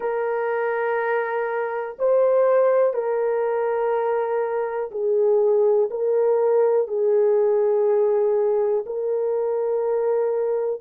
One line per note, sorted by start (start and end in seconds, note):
0.00 1.97 A#4
1.99 2.93 C5
2.93 4.90 A#4
4.91 5.89 G#4
5.90 6.87 A#4
6.87 8.84 G#4
8.86 10.81 A#4